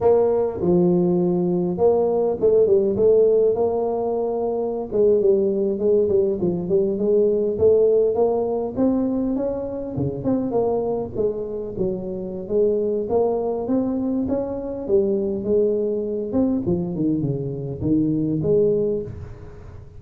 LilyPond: \new Staff \with { instrumentName = "tuba" } { \time 4/4 \tempo 4 = 101 ais4 f2 ais4 | a8 g8 a4 ais2~ | ais16 gis8 g4 gis8 g8 f8 g8 gis16~ | gis8. a4 ais4 c'4 cis'16~ |
cis'8. cis8 c'8 ais4 gis4 fis16~ | fis4 gis4 ais4 c'4 | cis'4 g4 gis4. c'8 | f8 dis8 cis4 dis4 gis4 | }